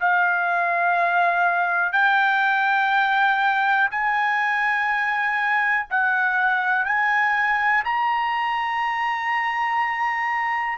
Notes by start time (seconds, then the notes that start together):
0.00 F5
1.92 G5
3.90 G#5
5.90 F#5
6.85 G#5
7.84 A#5